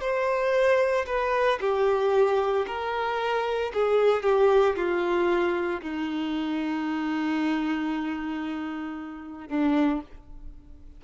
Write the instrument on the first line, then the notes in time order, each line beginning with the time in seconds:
violin
0.00 C5
1.06 B4
1.60 G4
2.67 A#4
3.73 G#4
4.22 G4
4.76 F4
5.81 D#4
9.48 D4